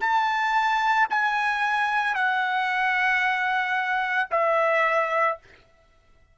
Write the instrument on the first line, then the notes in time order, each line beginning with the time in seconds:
trumpet
0.00 A5
1.10 G#5
2.14 F#5
4.31 E5